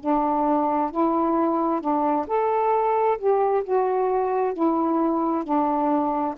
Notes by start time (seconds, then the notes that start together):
0.00 D4
0.91 E4
1.81 D4
2.27 A4
3.18 G4
3.64 F#4
4.53 E4
5.44 D4